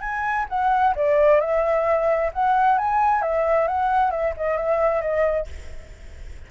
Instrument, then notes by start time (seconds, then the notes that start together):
flute
0.00 G#5
0.49 F#5
0.95 D5
1.40 E5
2.33 F#5
2.78 G#5
3.22 E5
3.67 F#5
4.11 E5
4.37 D#5
4.57 E5
5.01 D#5